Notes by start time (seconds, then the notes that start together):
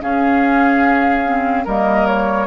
0.00 C#4 G#4 F5
1.25 C4
1.64 G3 A#3 A#4 D#5
2.06 C#5